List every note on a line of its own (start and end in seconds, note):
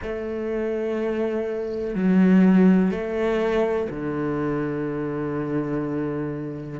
0.02 1.94 A3
1.94 2.91 F#3
2.91 3.88 A3
3.90 6.80 D3